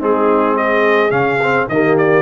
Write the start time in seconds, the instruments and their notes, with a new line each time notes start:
0.00 tuba G#3, trombone C4, horn D#4, trumpet G#4
0.57 horn G#4, trumpet D#5
1.11 tuba C#3, trombone C#4, trumpet F5
1.43 trombone C4
1.69 tuba D#3, trombone A#3, horn G4, trumpet D#5
1.98 trumpet D5